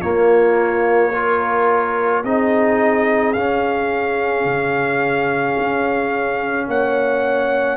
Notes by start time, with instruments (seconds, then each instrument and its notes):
0.00 trombone A#3, tuba A#3, horn F4, trumpet C#5
1.13 trombone F4, horn A#4
2.23 tuba C4, trombone D#4, horn G#4, trumpet D#5
3.33 tuba C#4, trombone C#4, trumpet F5
4.44 tuba C#3
5.58 tuba C#4
6.67 tuba A#3, horn C#5, trumpet F#5